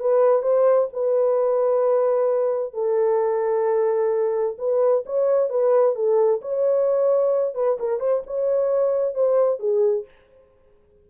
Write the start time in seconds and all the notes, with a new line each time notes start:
0.00 B4
0.42 C5
0.93 B4
2.73 A4
4.59 B4
5.06 C#5
5.50 B4
5.95 A4
6.42 C#5
7.55 B4
7.79 A#4
8.00 C5
8.27 C#5
9.15 C5
9.59 G#4